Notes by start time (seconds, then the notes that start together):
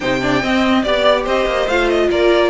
0.00 C3 D#4 C5 G5
0.21 D4 D5
0.42 C4 D#5
0.82 B3 G4 D5
1.24 C4 C5 D#5
1.45 A#3
1.67 A3 F4 F5
1.89 D#5
2.10 A#3 A#4 D5